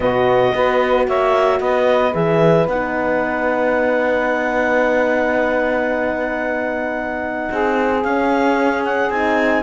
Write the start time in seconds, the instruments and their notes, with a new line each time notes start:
0.00 cello B2, horn B3, saxophone F#4, clarinet D#5
0.54 cello B3, horn F#4, saxophone B4
1.07 cello A#3, saxophone C#5, clarinet E5
1.59 cello B3, saxophone B4, clarinet D#5
2.13 cello E3, horn G#4, clarinet E5
2.67 cello B3, horn D#4, clarinet F#5
7.51 cello C4, saxophone G#4
8.03 horn C#4, cello C#4, clarinet F5
8.84 clarinet F#5
9.09 cello C4, horn D#4, clarinet G#5